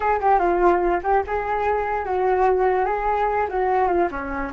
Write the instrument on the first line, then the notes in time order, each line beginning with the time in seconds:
flute
0.00 G#4
0.21 G4
0.39 F4
1.03 G4
1.26 G#4
2.05 F#4
2.85 G#4
3.49 F#4
3.87 F4
4.11 C#4